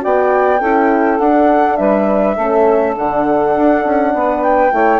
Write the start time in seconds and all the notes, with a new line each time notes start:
0.00 B3 F#4 D5 G5
0.60 C#4 E4 A4
1.19 D4 F#5
1.76 G3 B4 E5
2.36 A3 C#4 A4
2.96 D3 D4 F#5
3.57 D4
3.85 C#4
4.14 B3 B4
4.43 G5
4.71 A3 E4 C#5